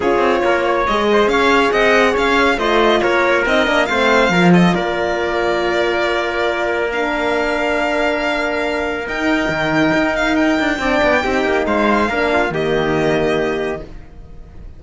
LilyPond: <<
  \new Staff \with { instrumentName = "violin" } { \time 4/4 \tempo 4 = 139 cis''2 dis''4 f''4 | fis''4 f''4 dis''4 cis''4 | dis''4 f''4. dis''8 d''4~ | d''1 |
f''1~ | f''4 g''2~ g''8 f''8 | g''2. f''4~ | f''4 dis''2. | }
  \new Staff \with { instrumentName = "trumpet" } { \time 4/4 gis'4 ais'8 cis''4 c''8 cis''4 | dis''4 cis''4 c''4 ais'4~ | ais'4 c''4 ais'8 a'8 ais'4~ | ais'1~ |
ais'1~ | ais'1~ | ais'4 d''4 g'4 c''4 | ais'8 f'8 g'2. | }
  \new Staff \with { instrumentName = "horn" } { \time 4/4 f'2 gis'2~ | gis'2 f'2 | dis'8 d'8 c'4 f'2~ | f'1 |
d'1~ | d'4 dis'2.~ | dis'4 d'4 dis'2 | d'4 ais2. | }
  \new Staff \with { instrumentName = "cello" } { \time 4/4 cis'8 c'8 ais4 gis4 cis'4 | c'4 cis'4 a4 ais4 | c'8 ais8 a4 f4 ais4~ | ais1~ |
ais1~ | ais4 dis'4 dis4 dis'4~ | dis'8 d'8 c'8 b8 c'8 ais8 gis4 | ais4 dis2. | }
>>